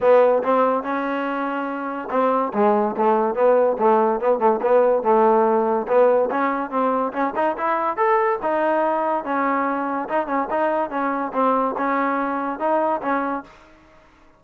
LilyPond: \new Staff \with { instrumentName = "trombone" } { \time 4/4 \tempo 4 = 143 b4 c'4 cis'2~ | cis'4 c'4 gis4 a4 | b4 a4 b8 a8 b4 | a2 b4 cis'4 |
c'4 cis'8 dis'8 e'4 a'4 | dis'2 cis'2 | dis'8 cis'8 dis'4 cis'4 c'4 | cis'2 dis'4 cis'4 | }